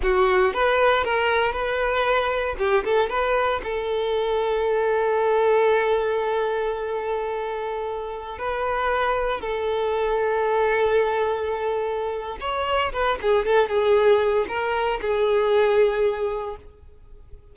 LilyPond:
\new Staff \with { instrumentName = "violin" } { \time 4/4 \tempo 4 = 116 fis'4 b'4 ais'4 b'4~ | b'4 g'8 a'8 b'4 a'4~ | a'1~ | a'1~ |
a'16 b'2 a'4.~ a'16~ | a'1 | cis''4 b'8 gis'8 a'8 gis'4. | ais'4 gis'2. | }